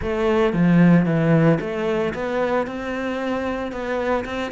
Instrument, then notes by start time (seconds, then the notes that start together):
cello
0.02 A3
0.53 F3
1.05 E3
1.60 A3
2.14 B3
2.67 C4
3.71 B3
4.25 C4